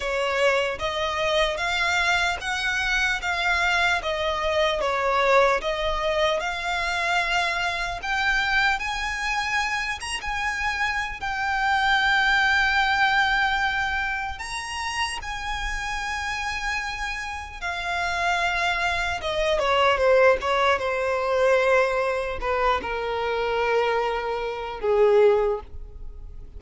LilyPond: \new Staff \with { instrumentName = "violin" } { \time 4/4 \tempo 4 = 75 cis''4 dis''4 f''4 fis''4 | f''4 dis''4 cis''4 dis''4 | f''2 g''4 gis''4~ | gis''8 ais''16 gis''4~ gis''16 g''2~ |
g''2 ais''4 gis''4~ | gis''2 f''2 | dis''8 cis''8 c''8 cis''8 c''2 | b'8 ais'2~ ais'8 gis'4 | }